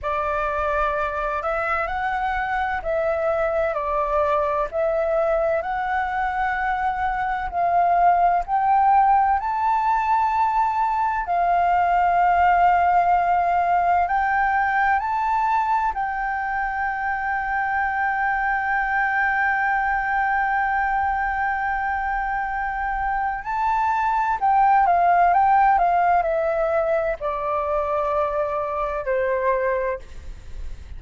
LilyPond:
\new Staff \with { instrumentName = "flute" } { \time 4/4 \tempo 4 = 64 d''4. e''8 fis''4 e''4 | d''4 e''4 fis''2 | f''4 g''4 a''2 | f''2. g''4 |
a''4 g''2.~ | g''1~ | g''4 a''4 g''8 f''8 g''8 f''8 | e''4 d''2 c''4 | }